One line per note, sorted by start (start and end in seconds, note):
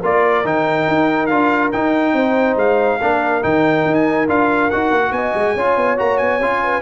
0.00 0.45 A#3
0.00 0.45 F4
0.00 2.13 A#4
0.00 0.47 D5
0.45 0.87 D#3
0.45 1.30 D#4
0.45 1.27 G5
0.88 1.31 D#4
1.27 1.73 D4
1.27 1.73 F4
1.27 1.69 F5
1.72 3.00 D#4
1.72 2.13 D#4
1.72 2.57 G5
2.13 2.56 C4
2.13 3.00 C5
2.56 2.99 G#3
2.56 3.43 F5
3.01 3.43 A#3
3.01 3.42 D4
3.01 5.15 A#4
3.42 3.85 D#3
3.42 4.27 D#4
3.42 3.95 G5
3.85 4.28 D#4
3.95 4.27 G#5
4.28 4.71 D4
4.28 4.71 F4
4.28 4.70 F5
4.70 4.91 D#4
4.70 5.58 F#4
4.70 5.12 F#5
4.91 5.12 A#3
5.12 5.33 B3
5.12 5.55 D#5
5.12 5.97 G#5
5.35 5.56 G#3
5.55 5.76 C#4
5.55 5.97 F4
5.55 6.61 C#5
5.76 5.98 B3
5.97 6.20 A#3
5.97 6.40 F#4
5.97 6.18 A#5
6.18 6.39 B3
6.18 6.81 G#5
6.39 6.81 C#4
6.39 6.81 F4
6.63 6.81 B4